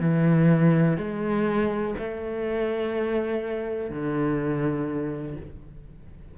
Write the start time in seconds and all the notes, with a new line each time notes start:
0.00 E3
0.97 G#3
1.98 A3
3.90 D3